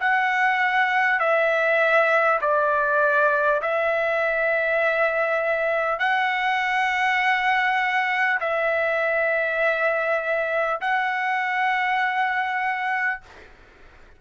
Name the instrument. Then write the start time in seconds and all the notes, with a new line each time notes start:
trumpet
0.00 F#5
1.20 E5
2.41 D5
3.62 E5
5.99 F#5
8.41 E5
10.81 F#5